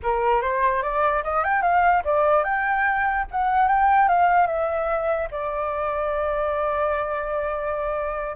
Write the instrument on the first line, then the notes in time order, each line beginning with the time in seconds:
flute
0.02 A#4
0.41 C5
0.82 D5
1.23 D#5
1.44 G5
1.62 F5
2.04 D5
2.44 G5
3.31 F#5
3.68 G5
4.08 F5
4.47 E5
5.31 D5